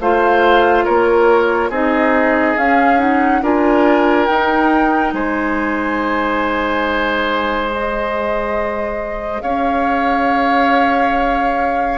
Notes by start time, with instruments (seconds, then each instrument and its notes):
0.00 bassoon A3, clarinet F4, oboe C5, flute F5
0.85 bassoon A#3, oboe A#4, flute C#5
1.70 bassoon C4, clarinet D#4, oboe G#4, flute D#5
2.57 clarinet C#4, bassoon C#4, flute F5
2.99 clarinet D#4, flute F#5
3.42 bassoon D4, clarinet F4, oboe A#4, flute G#5
4.27 bassoon D#4, clarinet D#4, flute G5
5.13 bassoon G#3, oboe C5, flute G#5
7.72 clarinet G#4, flute D#5
9.42 bassoon C#4, oboe C#5, flute F5